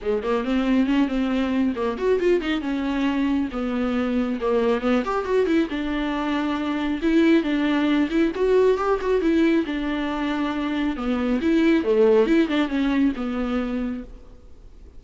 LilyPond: \new Staff \with { instrumentName = "viola" } { \time 4/4 \tempo 4 = 137 gis8 ais8 c'4 cis'8 c'4. | ais8 fis'8 f'8 dis'8 cis'2 | b2 ais4 b8 g'8 | fis'8 e'8 d'2. |
e'4 d'4. e'8 fis'4 | g'8 fis'8 e'4 d'2~ | d'4 b4 e'4 a4 | e'8 d'8 cis'4 b2 | }